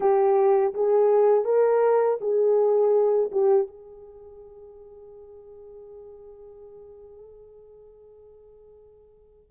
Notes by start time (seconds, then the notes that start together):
0.00 G4
0.74 G#4
1.44 A#4
2.20 G#4
3.31 G4
3.67 G#4